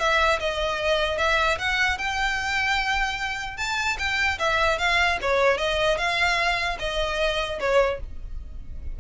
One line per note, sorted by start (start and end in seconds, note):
0.00 0.40 E5
0.40 1.19 D#5
1.19 1.59 E5
1.59 1.99 F#5
1.99 3.58 G5
3.58 3.98 A5
3.99 4.39 G5
4.39 4.79 E5
4.79 5.19 F5
5.22 5.58 C#5
5.58 5.98 D#5
5.98 6.78 F5
6.80 7.60 D#5
7.60 8.00 C#5